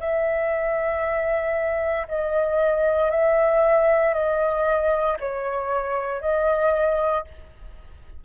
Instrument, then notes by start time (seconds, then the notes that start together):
flute
0.00 E5
2.09 D#5
3.11 E5
4.14 D#5
5.20 C#5
6.22 D#5